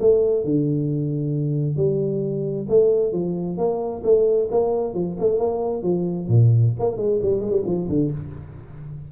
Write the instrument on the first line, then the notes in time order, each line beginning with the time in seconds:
tuba
0.00 A3
0.44 D3
1.76 G3
2.68 A3
3.12 F3
3.57 A#3
4.03 A3
4.50 A#3
4.94 F3
5.19 A3
5.38 A#3
5.83 F3
6.28 A#2
6.79 A#3
6.97 G#3
7.22 G3
7.40 G#3
7.51 G3
7.65 F3
7.88 D3